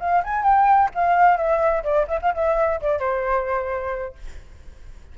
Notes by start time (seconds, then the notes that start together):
0.00 F5
0.24 G#5
0.43 G5
0.95 F5
1.37 E5
1.84 D5
2.08 E5
2.22 F5
2.35 E5
2.81 D5
3.00 C5